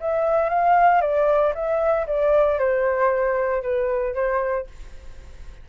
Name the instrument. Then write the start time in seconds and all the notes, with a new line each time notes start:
flute
0.00 E5
0.49 F5
1.02 D5
1.54 E5
2.07 D5
2.59 C5
3.63 B4
4.15 C5